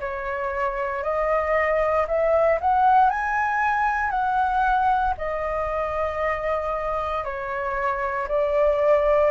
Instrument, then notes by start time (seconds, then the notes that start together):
flute
0.00 C#5
1.03 D#5
2.07 E5
2.61 F#5
3.10 G#5
4.11 F#5
5.18 D#5
7.24 C#5
8.28 D5